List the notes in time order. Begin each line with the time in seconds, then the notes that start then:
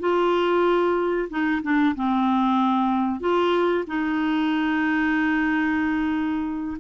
0.00 F4
1.30 D#4
1.63 D4
1.96 C4
3.21 F4
3.88 D#4